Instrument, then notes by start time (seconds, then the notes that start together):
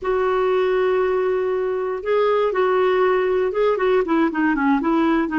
clarinet
0.02 F#4
2.03 G#4
2.52 F#4
3.52 G#4
3.77 F#4
4.05 E4
4.31 D#4
4.55 C#4
4.80 E4
5.28 D#4